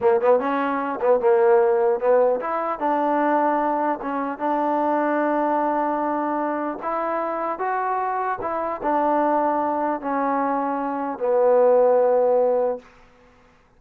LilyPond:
\new Staff \with { instrumentName = "trombone" } { \time 4/4 \tempo 4 = 150 ais8 b8 cis'4. b8 ais4~ | ais4 b4 e'4 d'4~ | d'2 cis'4 d'4~ | d'1~ |
d'4 e'2 fis'4~ | fis'4 e'4 d'2~ | d'4 cis'2. | b1 | }